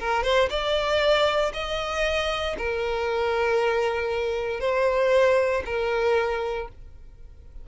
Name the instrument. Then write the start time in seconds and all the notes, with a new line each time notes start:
violin
0.00 A#4
0.24 C5
0.50 D5
1.54 D#5
2.58 A#4
4.61 C5
5.66 A#4